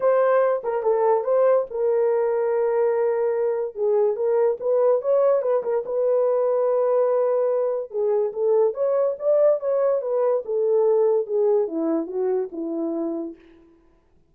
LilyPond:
\new Staff \with { instrumentName = "horn" } { \time 4/4 \tempo 4 = 144 c''4. ais'8 a'4 c''4 | ais'1~ | ais'4 gis'4 ais'4 b'4 | cis''4 b'8 ais'8 b'2~ |
b'2. gis'4 | a'4 cis''4 d''4 cis''4 | b'4 a'2 gis'4 | e'4 fis'4 e'2 | }